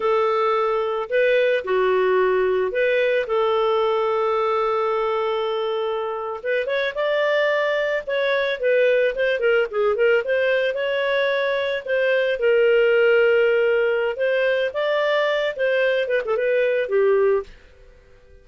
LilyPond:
\new Staff \with { instrumentName = "clarinet" } { \time 4/4 \tempo 4 = 110 a'2 b'4 fis'4~ | fis'4 b'4 a'2~ | a'2.~ a'8. b'16~ | b'16 cis''8 d''2 cis''4 b'16~ |
b'8. c''8 ais'8 gis'8 ais'8 c''4 cis''16~ | cis''4.~ cis''16 c''4 ais'4~ ais'16~ | ais'2 c''4 d''4~ | d''8 c''4 b'16 a'16 b'4 g'4 | }